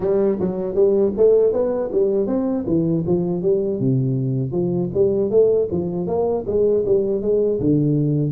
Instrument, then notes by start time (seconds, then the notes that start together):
tuba
0.00 G3
0.40 F#3
0.74 G3
1.16 A3
1.52 B3
1.92 G3
2.26 C4
2.66 E3
3.06 F3
3.42 G3
3.79 C3
4.51 F3
4.94 G3
5.30 A3
5.71 F3
6.07 A#3
6.46 G#3
6.85 G3
7.21 G#3
7.59 D3